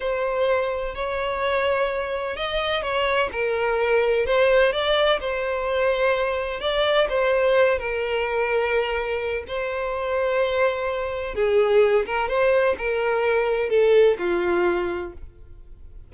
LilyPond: \new Staff \with { instrumentName = "violin" } { \time 4/4 \tempo 4 = 127 c''2 cis''2~ | cis''4 dis''4 cis''4 ais'4~ | ais'4 c''4 d''4 c''4~ | c''2 d''4 c''4~ |
c''8 ais'2.~ ais'8 | c''1 | gis'4. ais'8 c''4 ais'4~ | ais'4 a'4 f'2 | }